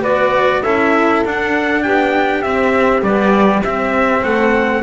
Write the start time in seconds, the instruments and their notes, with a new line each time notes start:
0.00 double bass B3, cello F#4, saxophone B4, trumpet D5
0.62 double bass C#4, cello E4, saxophone A4, trumpet E5
1.25 double bass D4, cello D4, trumpet F#5
1.83 double bass B3, saxophone G4, trumpet G5
2.42 double bass C4, cello C4, trumpet E5
3.02 cello G3, double bass B3, trumpet D5
3.62 double bass C4, cello C4, trumpet E5
4.22 double bass A3, saxophone A4, trumpet F#5